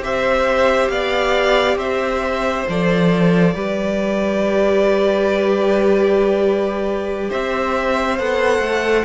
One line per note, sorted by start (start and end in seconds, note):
0.00 0.88 C4
0.00 2.67 G4
0.00 0.92 C5
0.00 0.89 E5
0.89 1.76 B3
0.89 1.78 D5
0.89 1.77 F5
1.76 2.65 C4
1.76 3.55 C5
1.76 2.67 E5
2.69 3.55 F3
2.69 3.56 A4
2.69 7.31 D5
3.55 7.30 G3
3.55 8.19 G4
3.55 7.30 B4
7.30 8.19 C4
7.30 9.06 C5
7.30 8.19 E5
8.19 8.59 B3
8.19 9.06 A4
8.19 9.06 F#5
8.59 9.03 A3